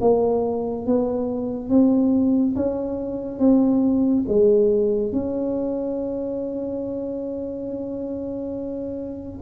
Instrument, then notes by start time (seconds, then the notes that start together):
tuba
0.00 A#3
0.86 B3
1.69 C4
2.55 C#4
3.39 C4
4.28 G#3
5.12 C#4